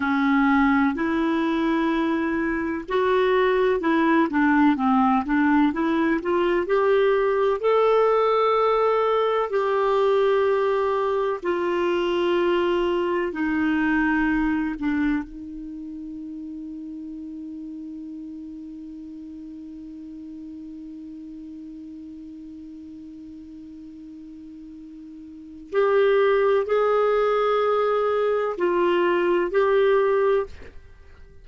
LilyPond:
\new Staff \with { instrumentName = "clarinet" } { \time 4/4 \tempo 4 = 63 cis'4 e'2 fis'4 | e'8 d'8 c'8 d'8 e'8 f'8 g'4 | a'2 g'2 | f'2 dis'4. d'8 |
dis'1~ | dis'1~ | dis'2. g'4 | gis'2 f'4 g'4 | }